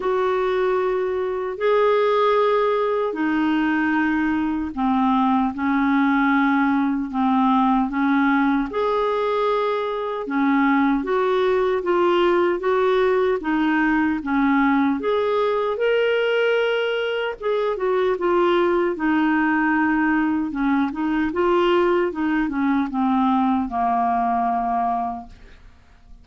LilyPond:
\new Staff \with { instrumentName = "clarinet" } { \time 4/4 \tempo 4 = 76 fis'2 gis'2 | dis'2 c'4 cis'4~ | cis'4 c'4 cis'4 gis'4~ | gis'4 cis'4 fis'4 f'4 |
fis'4 dis'4 cis'4 gis'4 | ais'2 gis'8 fis'8 f'4 | dis'2 cis'8 dis'8 f'4 | dis'8 cis'8 c'4 ais2 | }